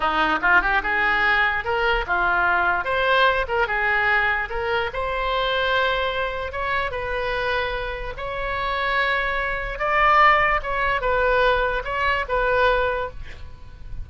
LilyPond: \new Staff \with { instrumentName = "oboe" } { \time 4/4 \tempo 4 = 147 dis'4 f'8 g'8 gis'2 | ais'4 f'2 c''4~ | c''8 ais'8 gis'2 ais'4 | c''1 |
cis''4 b'2. | cis''1 | d''2 cis''4 b'4~ | b'4 cis''4 b'2 | }